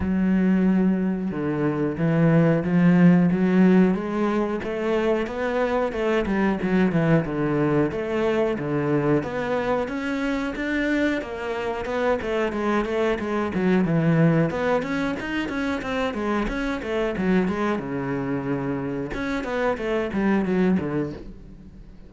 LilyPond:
\new Staff \with { instrumentName = "cello" } { \time 4/4 \tempo 4 = 91 fis2 d4 e4 | f4 fis4 gis4 a4 | b4 a8 g8 fis8 e8 d4 | a4 d4 b4 cis'4 |
d'4 ais4 b8 a8 gis8 a8 | gis8 fis8 e4 b8 cis'8 dis'8 cis'8 | c'8 gis8 cis'8 a8 fis8 gis8 cis4~ | cis4 cis'8 b8 a8 g8 fis8 d8 | }